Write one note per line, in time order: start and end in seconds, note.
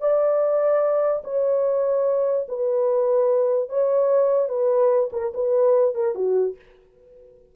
0.00 1.22 D5
1.24 2.46 C#5
2.48 3.69 B4
3.69 4.49 C#5
4.49 5.10 B4
5.12 5.33 A#4
5.34 5.95 B4
5.95 6.15 A#4
6.15 6.56 F#4